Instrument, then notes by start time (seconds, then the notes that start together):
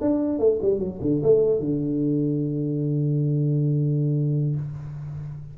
tuba
0.00 D4
0.39 A3
0.61 G3
0.79 F#3
1.01 D3
1.23 A3
1.59 D3